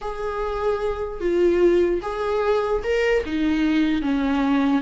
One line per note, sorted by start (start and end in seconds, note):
0.01 1.20 G#4
1.20 2.00 F4
2.02 2.82 G#4
2.83 3.23 A#4
3.25 4.02 D#4
4.02 4.81 C#4